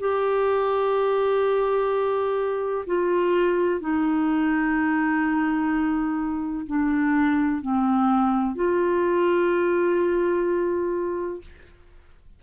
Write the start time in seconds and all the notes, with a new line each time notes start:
0.00 G4
2.87 F4
3.81 D#4
6.67 D4
7.62 C4
8.56 F4